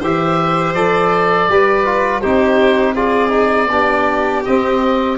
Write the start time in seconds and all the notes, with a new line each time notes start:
0.00 E3 G4 C5 E5
0.74 F3 A4 D5
1.49 G3 G4 B4
1.86 F4
2.21 C4 D#4 G4 C5
2.95 F4 G#4 D5
3.30 D#4
3.71 B3 D4 G4
4.45 C4 D#5